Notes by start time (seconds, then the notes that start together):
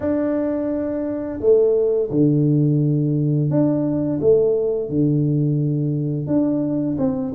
0.00 D4
1.40 A3
2.10 D3
3.49 D4
4.21 A3
4.89 D3
6.27 D4
6.98 C4